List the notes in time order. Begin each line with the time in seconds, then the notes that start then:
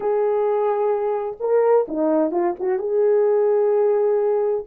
0.00 G#4
1.40 A#4
1.88 D#4
2.31 F4
2.59 F#4
2.78 G#4